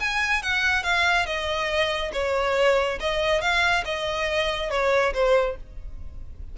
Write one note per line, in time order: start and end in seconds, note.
0.00 0.43 G#5
0.43 0.83 F#5
0.83 1.26 F5
1.26 2.12 D#5
2.13 2.99 C#5
3.00 3.41 D#5
3.41 3.84 F5
3.85 4.70 D#5
4.70 5.13 C#5
5.14 5.56 C5